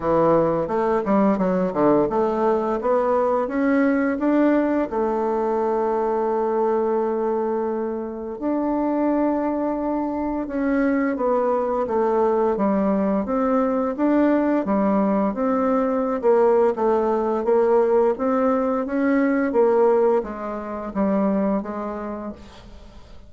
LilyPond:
\new Staff \with { instrumentName = "bassoon" } { \time 4/4 \tempo 4 = 86 e4 a8 g8 fis8 d8 a4 | b4 cis'4 d'4 a4~ | a1 | d'2. cis'4 |
b4 a4 g4 c'4 | d'4 g4 c'4~ c'16 ais8. | a4 ais4 c'4 cis'4 | ais4 gis4 g4 gis4 | }